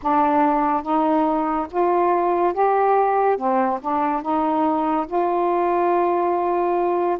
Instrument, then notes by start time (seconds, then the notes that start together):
saxophone
0.02 D4
0.82 D#4
1.71 F4
2.54 G4
3.37 C4
3.81 D4
4.22 D#4
5.06 F4